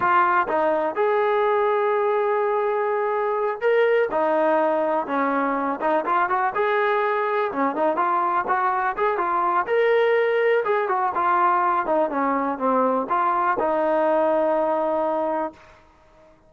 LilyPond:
\new Staff \with { instrumentName = "trombone" } { \time 4/4 \tempo 4 = 124 f'4 dis'4 gis'2~ | gis'2.~ gis'8 ais'8~ | ais'8 dis'2 cis'4. | dis'8 f'8 fis'8 gis'2 cis'8 |
dis'8 f'4 fis'4 gis'8 f'4 | ais'2 gis'8 fis'8 f'4~ | f'8 dis'8 cis'4 c'4 f'4 | dis'1 | }